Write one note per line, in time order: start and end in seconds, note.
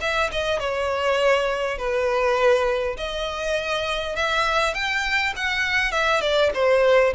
0.00 0.30 E5
0.32 0.59 D#5
0.59 1.78 C#5
1.78 2.96 B4
2.96 4.15 D#5
4.15 4.74 E5
4.74 5.33 G5
5.36 5.92 F#5
5.92 6.21 E5
6.21 6.50 D5
6.54 7.13 C5